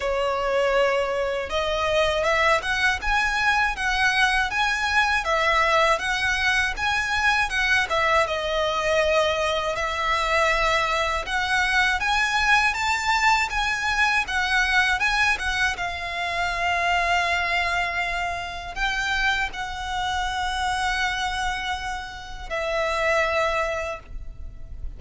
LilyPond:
\new Staff \with { instrumentName = "violin" } { \time 4/4 \tempo 4 = 80 cis''2 dis''4 e''8 fis''8 | gis''4 fis''4 gis''4 e''4 | fis''4 gis''4 fis''8 e''8 dis''4~ | dis''4 e''2 fis''4 |
gis''4 a''4 gis''4 fis''4 | gis''8 fis''8 f''2.~ | f''4 g''4 fis''2~ | fis''2 e''2 | }